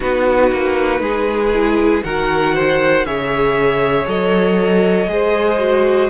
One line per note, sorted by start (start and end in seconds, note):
0.00 0.51 B3
0.00 1.51 D#4
0.00 1.01 F#4
0.00 2.03 B4
0.51 1.00 A#3
1.00 2.01 G#3
1.00 2.03 G#4
1.54 2.04 E4
2.03 3.05 D#3
2.03 3.05 F#4
2.03 2.54 A#4
2.03 3.05 F#5
2.54 3.05 C5
3.05 4.06 C#3
3.05 4.06 G#4
3.05 5.10 C#5
3.05 4.07 E5
4.06 5.07 F#3
4.06 5.07 A4
4.06 6.09 D#5
5.07 6.08 G#3
5.07 5.58 G#4
5.07 6.09 C5
5.59 6.09 F#4